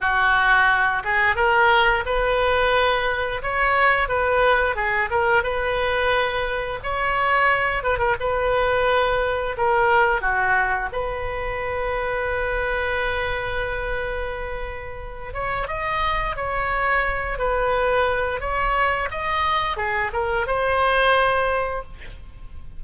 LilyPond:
\new Staff \with { instrumentName = "oboe" } { \time 4/4 \tempo 4 = 88 fis'4. gis'8 ais'4 b'4~ | b'4 cis''4 b'4 gis'8 ais'8 | b'2 cis''4. b'16 ais'16 | b'2 ais'4 fis'4 |
b'1~ | b'2~ b'8 cis''8 dis''4 | cis''4. b'4. cis''4 | dis''4 gis'8 ais'8 c''2 | }